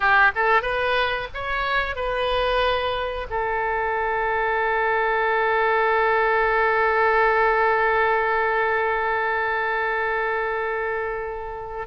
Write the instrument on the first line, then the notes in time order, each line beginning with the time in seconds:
oboe
0.00 G4
0.34 A4
0.62 B4
1.34 C#5
1.95 B4
3.30 A4